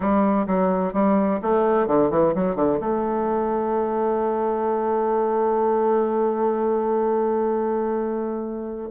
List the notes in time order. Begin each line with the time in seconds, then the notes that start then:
0.00 G3
0.46 F#3
0.93 G3
1.41 A3
1.87 D3
2.10 E3
2.34 F#3
2.55 D3
2.80 A3